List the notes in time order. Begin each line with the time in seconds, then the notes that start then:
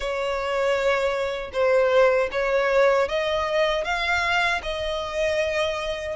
0.00 C#5
1.52 C5
2.31 C#5
3.08 D#5
3.84 F5
4.62 D#5